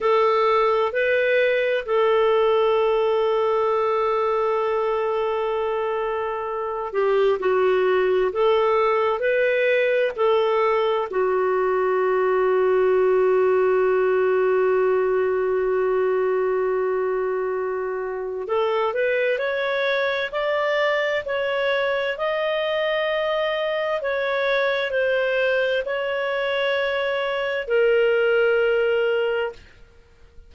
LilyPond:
\new Staff \with { instrumentName = "clarinet" } { \time 4/4 \tempo 4 = 65 a'4 b'4 a'2~ | a'2.~ a'8 g'8 | fis'4 a'4 b'4 a'4 | fis'1~ |
fis'1 | a'8 b'8 cis''4 d''4 cis''4 | dis''2 cis''4 c''4 | cis''2 ais'2 | }